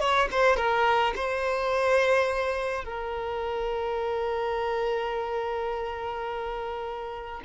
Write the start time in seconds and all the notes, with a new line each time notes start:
0.00 C#5
0.31 C5
0.57 A#4
1.16 C5
2.84 A#4